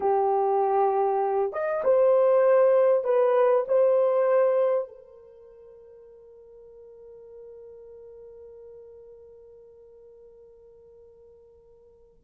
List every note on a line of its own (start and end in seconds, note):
0.00 1.52 G4
1.52 1.83 D#5
1.83 3.03 C5
3.03 3.65 B4
3.68 4.88 C5
4.88 12.22 A#4